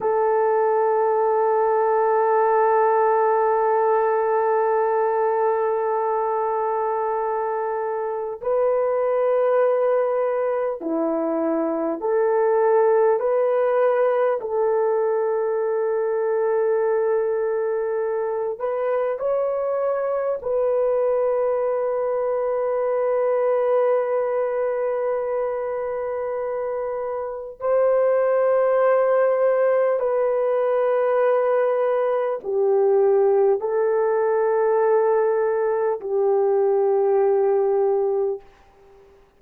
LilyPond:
\new Staff \with { instrumentName = "horn" } { \time 4/4 \tempo 4 = 50 a'1~ | a'2. b'4~ | b'4 e'4 a'4 b'4 | a'2.~ a'8 b'8 |
cis''4 b'2.~ | b'2. c''4~ | c''4 b'2 g'4 | a'2 g'2 | }